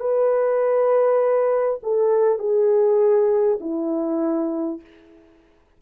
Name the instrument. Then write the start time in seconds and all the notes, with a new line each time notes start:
horn
0.00 B4
1.83 A4
2.39 G#4
3.61 E4